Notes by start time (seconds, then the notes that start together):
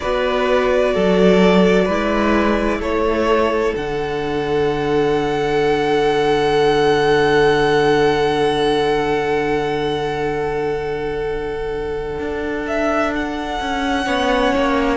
0.00 B3 F#4 B4 D5
0.94 F#3 A4
1.85 G#3 E4 B4
2.79 A3 A4 C#5
3.74 D3 D4 F#5
12.19 D4
12.67 E5
13.14 F#5
13.60 C#4
14.05 B3 C#4 C#5
14.55 A#3